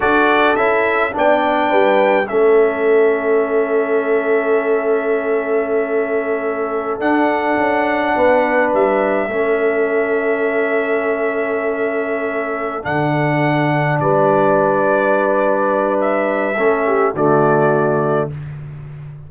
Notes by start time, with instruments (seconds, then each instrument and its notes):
0.00 tuba D4, trombone F#4, horn A4, trumpet D5
0.56 tuba C#4, trombone E4, trumpet E5
1.12 tuba B3, trombone D4, horn D5, trumpet G5
1.69 tuba G3, horn B4
2.27 tuba A3, trombone C#4, horn A4, trumpet E5
6.99 tuba D4, trombone D4, trumpet F#5
7.57 tuba C#4
8.15 tuba B3, horn B4
8.73 tuba G3, trumpet E5
9.27 tuba A3, trombone C#4, horn A4
12.82 tuba D3, trombone D4, trumpet F#5
14.00 tuba G3, horn B4, trumpet D5
16.00 trumpet E5
16.57 tuba A3, trombone C#4, horn A4
16.86 horn G4
17.13 tuba D3, trombone A3, horn F#4, trumpet D5